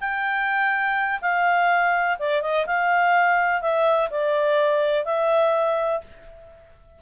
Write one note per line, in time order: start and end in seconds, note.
0.00 1.20 G5
1.21 2.17 F5
2.19 2.42 D5
2.42 2.66 D#5
2.66 3.61 F5
3.61 4.09 E5
4.10 5.05 D5
5.05 6.01 E5